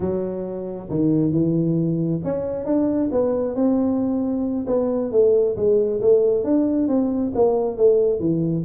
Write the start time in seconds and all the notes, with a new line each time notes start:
0.00 F#3
0.89 D#3
1.31 E3
2.24 C#4
2.65 D4
3.11 B3
3.55 C4
4.67 B3
5.11 A3
5.56 G#3
6.01 A3
6.44 D4
6.87 C4
7.34 A#3
7.77 A3
8.19 E3